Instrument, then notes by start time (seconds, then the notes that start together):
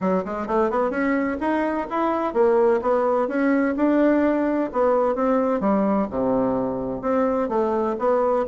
bassoon
0.01 F#3
0.24 G#3
0.47 A3
0.70 B3
0.90 C#4
1.40 D#4
1.90 E4
2.33 A#3
2.81 B3
3.27 C#4
3.76 D4
4.72 B3
5.15 C4
5.60 G3
6.10 C3
7.01 C4
7.49 A3
7.98 B3